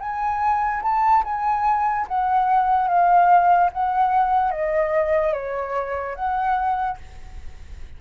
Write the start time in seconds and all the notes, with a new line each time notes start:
0.00 G#5
0.83 A5
1.24 G#5
2.08 F#5
2.88 F5
3.73 F#5
4.51 D#5
5.33 C#5
6.15 F#5